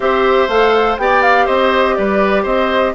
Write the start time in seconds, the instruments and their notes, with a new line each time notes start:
0.00 bassoon C4, clarinet G4, oboe C5, flute E5
0.47 bassoon A3, clarinet A4, flute F5
0.97 bassoon B3, clarinet G4, oboe D5, flute G5
1.22 flute F5
1.45 bassoon C4, oboe C5, flute D#5
1.95 bassoon G3, oboe B4, flute D5
2.42 bassoon C4, oboe C5, flute D#5